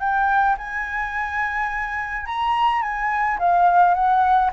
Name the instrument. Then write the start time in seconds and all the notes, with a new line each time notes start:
flute
0.00 G5
0.58 G#5
2.26 A#5
2.82 G#5
3.39 F5
3.95 F#5